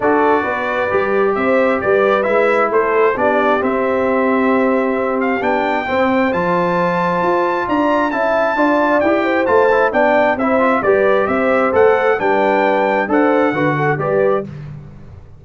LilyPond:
<<
  \new Staff \with { instrumentName = "trumpet" } { \time 4/4 \tempo 4 = 133 d''2. e''4 | d''4 e''4 c''4 d''4 | e''2.~ e''8 f''8 | g''2 a''2~ |
a''4 ais''4 a''2 | g''4 a''4 g''4 e''4 | d''4 e''4 fis''4 g''4~ | g''4 fis''2 d''4 | }
  \new Staff \with { instrumentName = "horn" } { \time 4/4 a'4 b'2 c''4 | b'2 a'4 g'4~ | g'1~ | g'4 c''2.~ |
c''4 d''4 e''4 d''4~ | d''8 c''4. d''4 c''4 | b'4 c''2 b'4~ | b'4 c''4 b'8 a'8 b'4 | }
  \new Staff \with { instrumentName = "trombone" } { \time 4/4 fis'2 g'2~ | g'4 e'2 d'4 | c'1 | d'4 c'4 f'2~ |
f'2 e'4 f'4 | g'4 f'8 e'8 d'4 e'8 f'8 | g'2 a'4 d'4~ | d'4 a'4 fis'4 g'4 | }
  \new Staff \with { instrumentName = "tuba" } { \time 4/4 d'4 b4 g4 c'4 | g4 gis4 a4 b4 | c'1 | b4 c'4 f2 |
f'4 d'4 cis'4 d'4 | e'4 a4 b4 c'4 | g4 c'4 a4 g4~ | g4 d'4 d4 g4 | }
>>